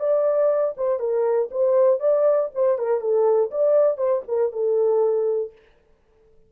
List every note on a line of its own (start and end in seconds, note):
0.00 0.75 D5
0.77 1.00 C5
1.00 1.50 A#4
1.52 2.00 C5
2.00 2.50 D5
2.55 2.79 C5
2.79 3.01 A#4
3.01 3.51 A4
3.52 3.98 D5
3.98 4.23 C5
4.28 4.53 A#4
4.53 5.53 A4